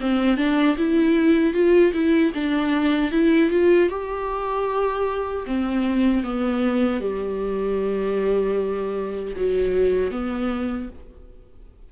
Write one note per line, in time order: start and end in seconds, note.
0.00 0.37 C4
0.37 0.76 D4
0.77 1.53 E4
1.53 1.92 F4
1.93 2.32 E4
2.34 3.11 D4
3.11 3.50 E4
3.50 3.89 F4
3.89 5.45 G4
5.46 6.23 C4
6.23 7.00 B3
7.00 9.34 G3
9.36 10.11 F#3
10.11 10.89 B3